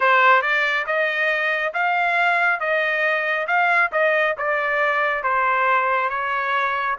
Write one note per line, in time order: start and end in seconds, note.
0.00 0.42 C5
0.42 0.85 D5
0.86 1.73 D#5
1.73 2.60 F5
2.60 3.47 D#5
3.47 3.90 F5
3.92 4.35 D#5
4.37 5.23 D5
5.23 6.09 C5
6.09 6.96 C#5